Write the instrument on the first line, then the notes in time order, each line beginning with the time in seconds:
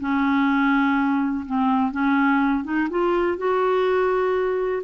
clarinet
0.00 C#4
1.46 C4
1.92 C#4
2.64 D#4
2.90 F4
3.38 F#4